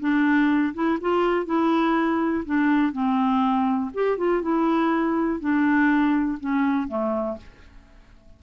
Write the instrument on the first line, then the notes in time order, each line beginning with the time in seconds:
clarinet
0.00 D4
0.74 E4
1.01 F4
1.46 E4
2.45 D4
2.93 C4
3.94 G4
4.18 F4
4.42 E4
5.40 D4
6.40 C#4
6.88 A3